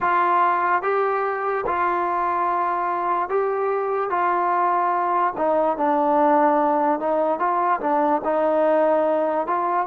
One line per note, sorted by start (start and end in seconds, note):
0.00 0.82 F4
0.82 1.64 G4
1.66 3.29 F4
3.29 4.10 G4
4.10 5.33 F4
5.37 5.77 D#4
5.77 6.99 D4
6.99 7.39 D#4
7.39 7.80 F4
7.80 8.21 D4
8.24 9.47 D#4
9.47 9.86 F4